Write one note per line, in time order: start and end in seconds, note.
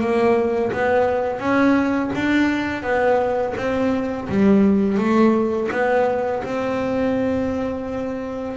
0.00 0.71 A#3
0.72 1.39 B3
1.39 2.10 C#4
2.15 2.82 D4
2.82 3.54 B3
3.56 4.28 C4
4.29 4.97 G3
4.97 5.69 A3
5.71 6.43 B3
6.43 8.57 C4